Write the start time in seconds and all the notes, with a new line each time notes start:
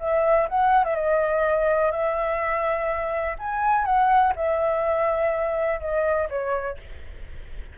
0.00 E5
0.49 F#5
0.85 E5
0.96 D#5
1.92 E5
3.39 G#5
3.86 F#5
4.36 E5
5.81 D#5
6.30 C#5